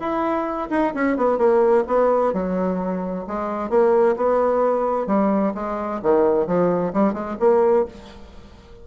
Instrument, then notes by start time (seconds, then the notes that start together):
bassoon
0.00 E4
0.70 D#4
0.95 C#4
1.17 B3
1.38 A#3
1.88 B3
2.33 F#3
3.27 G#3
3.70 A#3
4.17 B3
5.07 G3
5.55 G#3
6.03 D#3
6.47 F3
6.93 G3
7.14 G#3
7.40 A#3